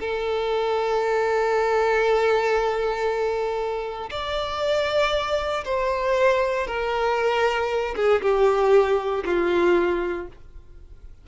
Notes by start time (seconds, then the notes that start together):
0.00 A4
4.11 D5
5.65 C5
6.67 A#4
7.96 G#4
8.22 G4
9.25 F4